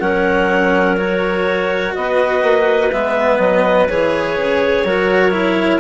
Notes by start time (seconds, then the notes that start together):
0.00 F#3 C#4 A#4 F#5
0.97 F#4 C#5
1.95 B3 B4 D#5
2.43 A#3
2.92 G#3 B3 E5
3.39 F#3 D#5
3.89 E3 G#4 C#5
4.37 C#3
4.84 F#3 F#4 A#4
5.32 E4